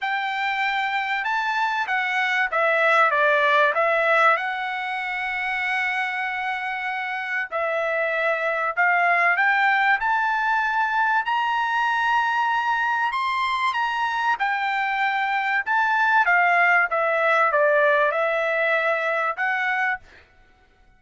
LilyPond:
\new Staff \with { instrumentName = "trumpet" } { \time 4/4 \tempo 4 = 96 g''2 a''4 fis''4 | e''4 d''4 e''4 fis''4~ | fis''1 | e''2 f''4 g''4 |
a''2 ais''2~ | ais''4 c'''4 ais''4 g''4~ | g''4 a''4 f''4 e''4 | d''4 e''2 fis''4 | }